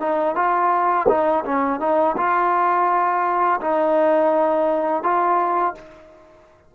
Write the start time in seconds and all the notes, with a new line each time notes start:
0.00 D#4
0.36 F4
1.09 D#4
1.45 C#4
1.80 D#4
2.18 F4
3.61 D#4
5.03 F4